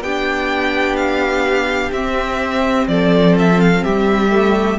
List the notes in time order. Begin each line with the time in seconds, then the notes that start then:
0.00 B3 D4 G4 G5
0.96 F5
1.91 C4 E5
2.87 F3 A4 D5
3.38 E5
3.60 F5
3.84 G3 G4 E5
4.31 A3